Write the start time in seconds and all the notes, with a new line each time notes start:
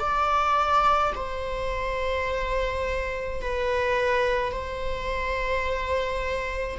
0.00 D5
1.16 C5
3.42 B4
4.52 C5